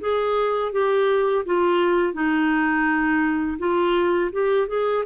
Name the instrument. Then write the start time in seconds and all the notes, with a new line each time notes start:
clarinet
0.00 G#4
0.72 G4
1.45 F4
2.13 D#4
3.58 F4
4.32 G4
4.68 G#4